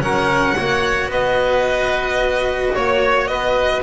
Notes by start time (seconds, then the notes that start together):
0.00 F#3 C#4 A#4 F#5
0.56 A#3 F#4 C#5
1.06 B3 B4 D#5
2.75 A#3 C#5
3.28 B3 B4 D#5